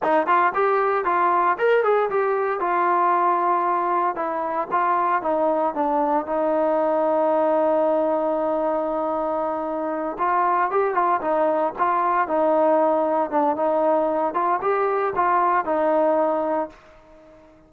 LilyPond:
\new Staff \with { instrumentName = "trombone" } { \time 4/4 \tempo 4 = 115 dis'8 f'8 g'4 f'4 ais'8 gis'8 | g'4 f'2. | e'4 f'4 dis'4 d'4 | dis'1~ |
dis'2.~ dis'8 f'8~ | f'8 g'8 f'8 dis'4 f'4 dis'8~ | dis'4. d'8 dis'4. f'8 | g'4 f'4 dis'2 | }